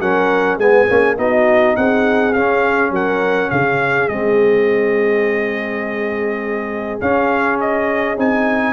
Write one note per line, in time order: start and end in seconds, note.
0.00 0.58 F#3
0.00 0.60 C#4
0.00 0.58 A#4
0.00 0.59 F#5
0.58 0.87 G#3
0.58 0.89 B3
0.58 1.16 G#4
0.58 1.18 G#5
0.89 1.18 A#3
0.89 1.17 C#4
1.17 1.77 B3
1.17 2.34 D#4
1.17 1.77 F#4
1.17 1.76 D#5
1.76 2.35 C4
1.76 2.93 G#4
1.76 2.33 F#5
2.33 4.10 C#4
2.33 2.91 C#4
2.33 2.92 F5
2.91 3.49 F#3
2.91 3.51 A#4
2.91 3.50 F#5
3.50 4.08 C#3
3.50 8.73 G#4
3.50 4.08 F5
4.08 7.00 G#3
4.08 7.01 C4
4.08 7.00 D#5
7.01 8.17 C#4
7.01 8.18 C#4
7.01 7.59 F5
7.60 8.19 D#5
8.17 8.73 C4
8.17 8.73 D#4
8.17 8.73 G#5